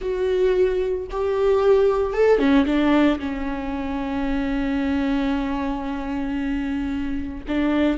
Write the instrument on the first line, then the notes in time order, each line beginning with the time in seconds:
viola
0.01 F#4
1.10 G4
2.13 A4
2.38 C#4
2.65 D4
3.19 C#4
7.47 D4